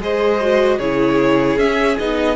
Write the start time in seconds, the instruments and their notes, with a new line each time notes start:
0.00 cello G#3, viola G#4, violin C5 D#5
0.41 viola F#4
0.78 cello C#3, viola E4, violin G#4 C#5
1.57 cello C#4, viola C#4, violin E5
1.99 cello B3, viola D#4, violin D#5